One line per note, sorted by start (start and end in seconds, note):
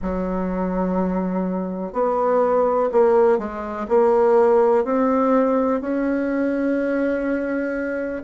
0.01 1.92 F#3
1.92 2.89 B3
2.92 3.38 A#3
3.38 3.87 G#3
3.88 4.84 A#3
4.84 5.80 C4
5.80 8.22 C#4